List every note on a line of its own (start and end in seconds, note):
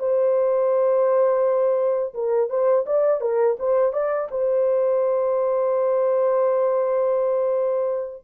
0.00 2.14 C5
2.14 2.50 A#4
2.50 2.86 C5
2.87 3.21 D5
3.21 3.57 A#4
3.59 3.94 C5
3.94 4.29 D5
4.31 8.24 C5